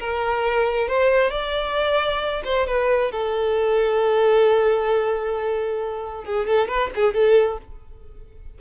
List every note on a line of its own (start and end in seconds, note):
0.00 0.88 A#4
0.88 1.31 C5
1.31 2.43 D5
2.45 2.67 C5
2.67 3.12 B4
3.12 6.25 A4
6.25 6.47 G#4
6.47 6.68 A4
6.68 6.91 B4
6.96 7.14 G#4
7.14 7.59 A4